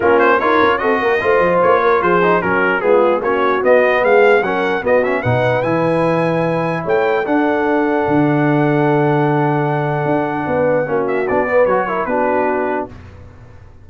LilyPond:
<<
  \new Staff \with { instrumentName = "trumpet" } { \time 4/4 \tempo 4 = 149 ais'8 c''8 cis''4 dis''2 | cis''4 c''4 ais'4 gis'4 | cis''4 dis''4 f''4 fis''4 | dis''8 e''8 fis''4 gis''2~ |
gis''4 g''4 fis''2~ | fis''1~ | fis''2.~ fis''8 e''8 | d''4 cis''4 b'2 | }
  \new Staff \with { instrumentName = "horn" } { \time 4/4 f'4 ais'4 a'8 ais'8 c''4~ | c''8 ais'8 gis'4 fis'4 f'4 | fis'2 gis'4 ais'4 | fis'4 b'2.~ |
b'4 cis''4 a'2~ | a'1~ | a'2 b'4 fis'4~ | fis'8 b'4 ais'8 fis'2 | }
  \new Staff \with { instrumentName = "trombone" } { \time 4/4 cis'4 f'4 fis'4 f'4~ | f'4. dis'8 cis'4 b4 | cis'4 b2 cis'4 | b8 cis'8 dis'4 e'2~ |
e'2 d'2~ | d'1~ | d'2. cis'4 | d'8 b8 fis'8 e'8 d'2 | }
  \new Staff \with { instrumentName = "tuba" } { \time 4/4 ais4 dis'8 cis'8 c'8 ais8 a8 f8 | ais4 f4 fis4 gis4 | ais4 b4 gis4 fis4 | b4 b,4 e2~ |
e4 a4 d'2 | d1~ | d4 d'4 b4 ais4 | b4 fis4 b2 | }
>>